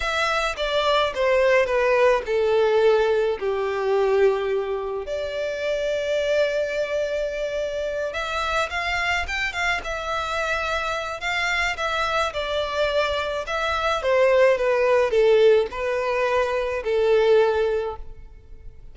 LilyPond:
\new Staff \with { instrumentName = "violin" } { \time 4/4 \tempo 4 = 107 e''4 d''4 c''4 b'4 | a'2 g'2~ | g'4 d''2.~ | d''2~ d''8 e''4 f''8~ |
f''8 g''8 f''8 e''2~ e''8 | f''4 e''4 d''2 | e''4 c''4 b'4 a'4 | b'2 a'2 | }